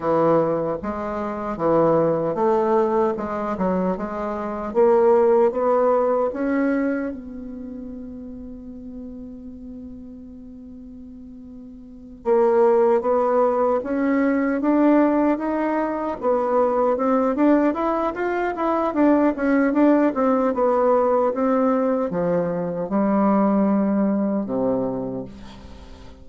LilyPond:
\new Staff \with { instrumentName = "bassoon" } { \time 4/4 \tempo 4 = 76 e4 gis4 e4 a4 | gis8 fis8 gis4 ais4 b4 | cis'4 b2.~ | b2.~ b8 ais8~ |
ais8 b4 cis'4 d'4 dis'8~ | dis'8 b4 c'8 d'8 e'8 f'8 e'8 | d'8 cis'8 d'8 c'8 b4 c'4 | f4 g2 c4 | }